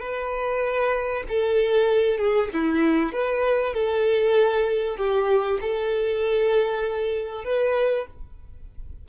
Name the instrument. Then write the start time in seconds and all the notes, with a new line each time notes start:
violin
0.00 B4
1.29 A4
2.18 G#4
2.54 E4
3.13 B4
3.74 A4
4.97 G4
5.61 A4
7.45 B4